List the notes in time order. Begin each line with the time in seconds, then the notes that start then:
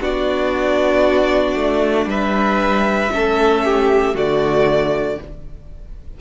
0.00 B3 D4 F#4 D5
1.55 A3
2.06 G3 B4 E5
3.12 A3 C#4 A4
3.65 G4
4.14 D3 A3 F#4 D5